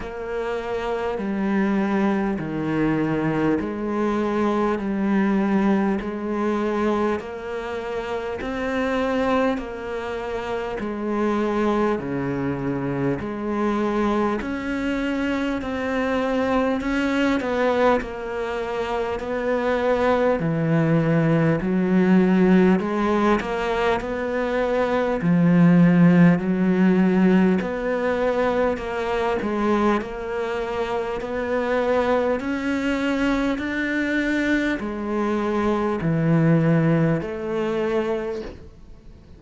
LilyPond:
\new Staff \with { instrumentName = "cello" } { \time 4/4 \tempo 4 = 50 ais4 g4 dis4 gis4 | g4 gis4 ais4 c'4 | ais4 gis4 cis4 gis4 | cis'4 c'4 cis'8 b8 ais4 |
b4 e4 fis4 gis8 ais8 | b4 f4 fis4 b4 | ais8 gis8 ais4 b4 cis'4 | d'4 gis4 e4 a4 | }